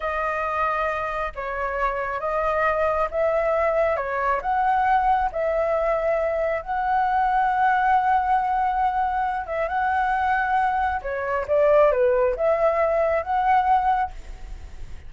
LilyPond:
\new Staff \with { instrumentName = "flute" } { \time 4/4 \tempo 4 = 136 dis''2. cis''4~ | cis''4 dis''2 e''4~ | e''4 cis''4 fis''2 | e''2. fis''4~ |
fis''1~ | fis''4. e''8 fis''2~ | fis''4 cis''4 d''4 b'4 | e''2 fis''2 | }